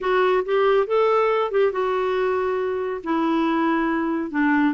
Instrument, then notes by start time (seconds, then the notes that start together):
clarinet
0.01 F#4
0.45 G4
0.86 A4
1.51 G4
1.71 F#4
3.03 E4
4.30 D4